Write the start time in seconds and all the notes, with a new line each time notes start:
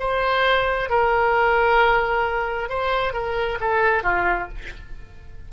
0.00 C5
0.90 A#4
2.70 C5
3.14 A#4
3.61 A4
4.03 F4